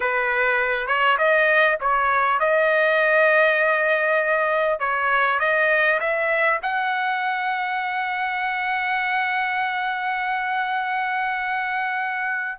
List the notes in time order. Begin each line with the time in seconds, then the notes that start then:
0.00 B4
0.87 C#5
1.18 D#5
1.80 C#5
2.39 D#5
4.79 C#5
5.39 D#5
6.00 E5
6.62 F#5